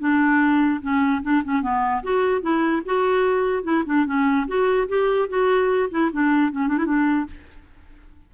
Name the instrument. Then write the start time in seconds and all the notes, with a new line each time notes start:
clarinet
0.00 D4
0.82 C#4
1.23 D4
1.45 C#4
1.62 B3
2.03 F#4
2.42 E4
2.86 F#4
3.64 E4
3.86 D4
4.06 C#4
4.48 F#4
4.89 G4
5.29 F#4
5.91 E4
6.13 D4
6.52 C#4
6.68 D4
6.78 E4
6.86 D4